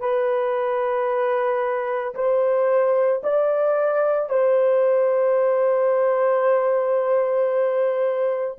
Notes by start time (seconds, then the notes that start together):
0.00 B4
2.15 C5
3.24 D5
4.30 C5